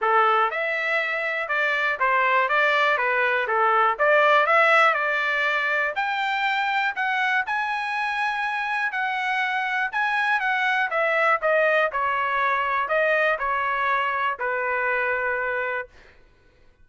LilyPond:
\new Staff \with { instrumentName = "trumpet" } { \time 4/4 \tempo 4 = 121 a'4 e''2 d''4 | c''4 d''4 b'4 a'4 | d''4 e''4 d''2 | g''2 fis''4 gis''4~ |
gis''2 fis''2 | gis''4 fis''4 e''4 dis''4 | cis''2 dis''4 cis''4~ | cis''4 b'2. | }